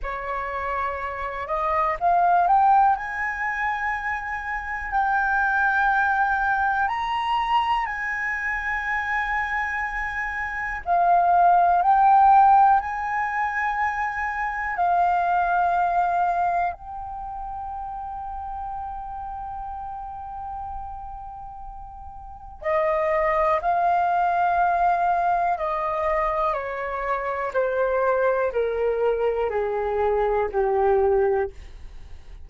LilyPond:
\new Staff \with { instrumentName = "flute" } { \time 4/4 \tempo 4 = 61 cis''4. dis''8 f''8 g''8 gis''4~ | gis''4 g''2 ais''4 | gis''2. f''4 | g''4 gis''2 f''4~ |
f''4 g''2.~ | g''2. dis''4 | f''2 dis''4 cis''4 | c''4 ais'4 gis'4 g'4 | }